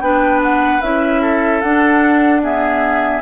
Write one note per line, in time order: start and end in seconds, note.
0.00 0.80 B3
0.00 0.82 D4
0.00 1.21 B4
0.00 0.40 G5
0.43 0.81 F#5
0.81 1.62 C#4
0.81 1.62 E4
0.81 1.61 E5
1.21 2.41 A4
1.61 3.21 D4
1.61 2.43 D4
1.61 2.41 F#5
2.43 3.21 B3
2.43 3.21 G#4
2.43 3.21 E5